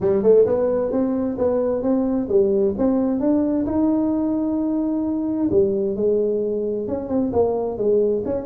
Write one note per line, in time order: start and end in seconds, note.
0.00 0.22 G3
0.22 0.45 A3
0.45 0.91 B3
0.91 1.37 C4
1.38 1.82 B3
1.82 2.28 C4
2.28 2.74 G3
2.78 3.19 C4
3.19 3.65 D4
3.66 5.49 D#4
5.50 5.96 G3
5.96 6.87 G#3
6.87 7.09 C#4
7.09 7.32 C4
7.32 7.77 A#3
7.77 8.23 G#3
8.25 8.45 C#4